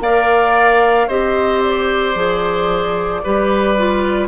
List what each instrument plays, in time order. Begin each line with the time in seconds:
0.00 bassoon A#3, clarinet A#4, oboe D5, flute F5
1.07 bassoon C4, clarinet G4, oboe C5, flute D#5
1.63 flute D5
2.15 bassoon F3, clarinet G#4
3.23 bassoon G3, clarinet G4, oboe B4
3.77 clarinet F4